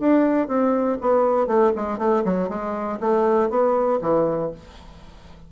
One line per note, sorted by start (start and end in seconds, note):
0.00 0.48 D4
0.48 0.98 C4
1.01 1.47 B3
1.47 1.72 A3
1.76 1.99 G#3
1.99 2.24 A3
2.25 2.49 F#3
2.49 2.99 G#3
3.01 3.50 A3
3.50 4.00 B3
4.02 4.52 E3